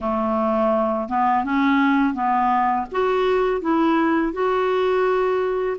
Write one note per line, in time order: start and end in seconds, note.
0.00 1.08 A3
1.08 1.44 B3
1.44 2.13 C#4
2.13 2.86 B3
2.91 3.61 F#4
3.61 4.32 E4
4.32 5.77 F#4